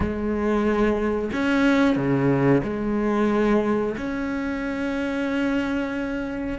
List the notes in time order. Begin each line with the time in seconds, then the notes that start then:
0.00 G#3
1.32 C#4
1.96 C#3
2.63 G#3
3.97 C#4